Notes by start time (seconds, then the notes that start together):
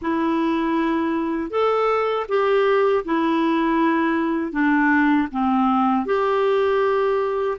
0.01 E4
1.50 A4
2.28 G4
3.04 E4
4.52 D4
5.31 C4
6.06 G4